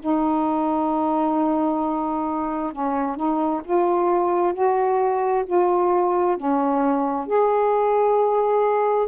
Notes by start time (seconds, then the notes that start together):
0.00 D#4
2.72 C#4
3.16 D#4
3.64 F4
4.53 F#4
5.46 F4
6.37 C#4
7.26 G#4